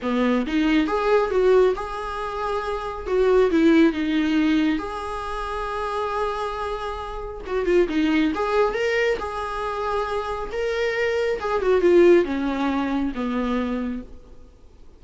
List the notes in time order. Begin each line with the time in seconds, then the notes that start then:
0.02 B3
0.46 D#4
0.87 G#4
1.30 F#4
1.75 G#4
3.06 F#4
3.50 E4
3.92 D#4
4.78 G#4
7.46 F#4
7.65 F4
7.89 D#4
8.35 G#4
8.74 A#4
9.18 G#4
10.52 A#4
11.40 G#4
11.61 F#4
11.81 F4
12.24 C#4
13.15 B3